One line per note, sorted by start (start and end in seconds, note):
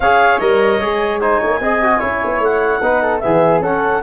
0.00 0.40 C#4
0.00 0.40 G#4
0.00 1.21 C#5
0.00 0.38 F5
0.38 0.79 G3
0.38 0.80 A#4
0.38 1.19 D#5
0.79 1.39 G#3
0.79 1.21 G#4
1.20 1.61 D#4
1.20 1.39 C5
1.20 2.40 G#5
1.39 1.60 A#3
1.39 1.59 C#5
1.60 2.00 C4
1.60 1.82 G#4
1.60 1.99 D#5
1.82 1.99 F#4
1.99 2.22 C#4
1.99 2.80 E4
1.99 2.80 C#5
2.24 2.39 B3
2.39 2.79 A3
2.39 3.19 F#5
2.81 3.21 B3
2.81 3.22 D#4
2.81 3.01 B4
3.01 3.21 A4
3.19 3.59 E3
3.19 3.62 B3
3.19 3.61 G#4
3.19 3.59 E5
3.59 4.00 C#4
3.59 4.02 C#4
3.59 4.02 A4
3.59 4.02 F#5